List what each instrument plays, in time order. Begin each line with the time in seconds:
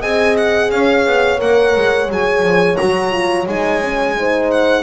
0.00 double bass C4, horn G#4 D#5, violin G#5
0.37 violin F#5
0.71 double bass C#4, horn C#5, violin F5
1.06 double bass B3
1.38 double bass A#3, horn A#4, violin F#5
1.76 double bass G#3
2.10 double bass F#3, horn G#4, violin G#5
2.43 double bass F3
2.76 double bass F#3, horn F#4, violin A#5
3.12 horn F4
3.46 double bass G#3, horn D#4, violin G#5
3.81 horn C#4
4.17 horn D#4 C5
4.51 violin F#5